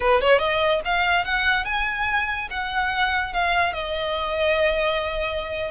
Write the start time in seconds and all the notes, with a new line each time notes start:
0.00 B4
0.21 C#5
0.39 D#5
0.84 F5
1.24 F#5
1.65 G#5
2.50 F#5
3.33 F5
3.73 D#5